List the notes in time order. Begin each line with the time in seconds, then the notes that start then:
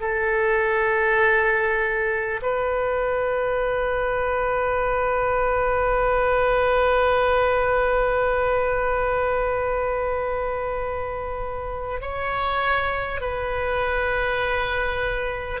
0.00 A4
2.42 B4
12.01 C#5
13.20 B4